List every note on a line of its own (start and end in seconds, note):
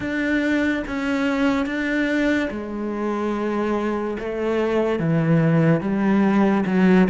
0.00 0.83 D4
0.87 1.66 C#4
1.66 2.49 D4
2.50 4.17 G#3
4.19 4.99 A3
4.99 5.81 E3
5.81 6.64 G3
6.66 7.08 F#3